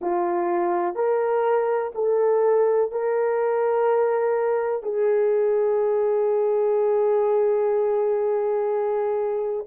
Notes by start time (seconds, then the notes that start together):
0.00 F4
0.95 A#4
1.94 A4
2.91 A#4
4.82 G#4